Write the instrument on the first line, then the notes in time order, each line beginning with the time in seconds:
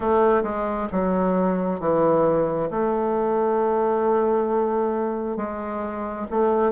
bassoon
0.00 A3
0.43 G#3
0.92 F#3
1.80 E3
2.70 A3
5.36 G#3
6.30 A3